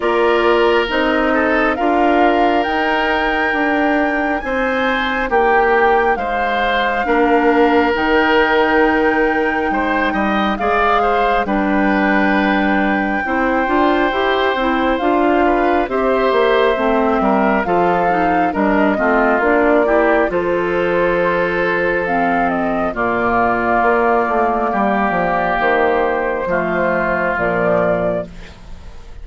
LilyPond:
<<
  \new Staff \with { instrumentName = "flute" } { \time 4/4 \tempo 4 = 68 d''4 dis''4 f''4 g''4~ | g''4 gis''4 g''4 f''4~ | f''4 g''2. | f''4 g''2.~ |
g''4 f''4 e''2 | f''4 dis''4 d''4 c''4~ | c''4 f''8 dis''8 d''2~ | d''4 c''2 d''4 | }
  \new Staff \with { instrumentName = "oboe" } { \time 4/4 ais'4. a'8 ais'2~ | ais'4 c''4 g'4 c''4 | ais'2. c''8 dis''8 | d''8 c''8 b'2 c''4~ |
c''4. b'8 c''4. ais'8 | a'4 ais'8 f'4 g'8 a'4~ | a'2 f'2 | g'2 f'2 | }
  \new Staff \with { instrumentName = "clarinet" } { \time 4/4 f'4 dis'4 f'4 dis'4~ | dis'1 | d'4 dis'2. | gis'4 d'2 e'8 f'8 |
g'8 e'8 f'4 g'4 c'4 | f'8 dis'8 d'8 c'8 d'8 e'8 f'4~ | f'4 c'4 ais2~ | ais2 a4 f4 | }
  \new Staff \with { instrumentName = "bassoon" } { \time 4/4 ais4 c'4 d'4 dis'4 | d'4 c'4 ais4 gis4 | ais4 dis2 gis8 g8 | gis4 g2 c'8 d'8 |
e'8 c'8 d'4 c'8 ais8 a8 g8 | f4 g8 a8 ais4 f4~ | f2 ais,4 ais8 a8 | g8 f8 dis4 f4 ais,4 | }
>>